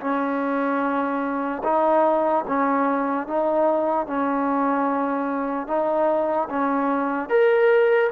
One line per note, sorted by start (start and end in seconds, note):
0.00 1.62 C#4
1.63 2.44 D#4
2.47 3.27 C#4
3.27 4.06 D#4
4.06 5.67 C#4
5.67 6.48 D#4
6.49 7.29 C#4
7.29 8.10 A#4